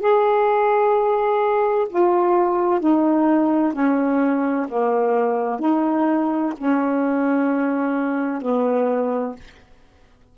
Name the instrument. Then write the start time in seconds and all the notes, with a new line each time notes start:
saxophone
0.00 G#4
1.90 F4
2.80 D#4
3.73 C#4
4.69 A#3
5.60 D#4
6.58 C#4
8.42 B3